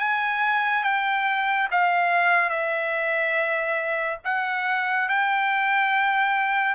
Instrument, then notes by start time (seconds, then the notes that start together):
trumpet
0.00 G#5
0.84 G5
1.72 F5
2.50 E5
4.25 F#5
5.09 G5